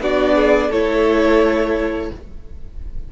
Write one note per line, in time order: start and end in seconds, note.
0.00 0.70 B3
0.00 0.72 D4
0.00 0.35 F#4
0.00 0.71 D5
0.35 0.69 G#4
0.69 2.10 A3
0.69 2.12 E4
0.69 2.09 A4
0.69 2.10 C#5